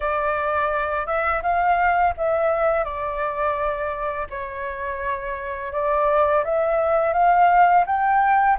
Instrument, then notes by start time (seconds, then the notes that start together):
flute
0.00 D5
1.06 E5
1.42 F5
2.17 E5
2.84 D5
4.30 C#5
5.72 D5
6.44 E5
7.13 F5
7.86 G5